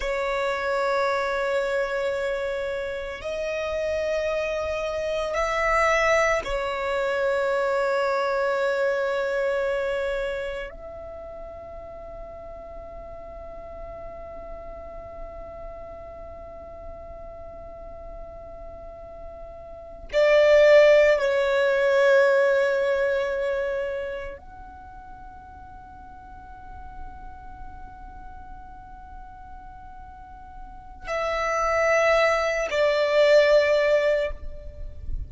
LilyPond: \new Staff \with { instrumentName = "violin" } { \time 4/4 \tempo 4 = 56 cis''2. dis''4~ | dis''4 e''4 cis''2~ | cis''2 e''2~ | e''1~ |
e''2~ e''8. d''4 cis''16~ | cis''2~ cis''8. fis''4~ fis''16~ | fis''1~ | fis''4 e''4. d''4. | }